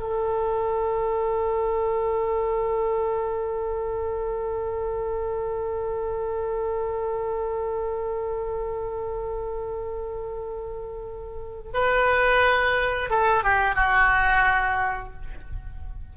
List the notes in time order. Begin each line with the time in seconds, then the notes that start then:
0.00 A4
11.74 B4
13.10 A4
13.44 G4
13.76 F#4